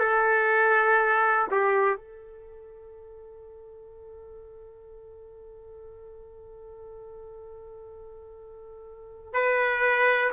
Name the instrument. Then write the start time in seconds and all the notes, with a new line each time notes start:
trumpet
0.00 A4
1.51 G4
1.97 A4
9.34 B4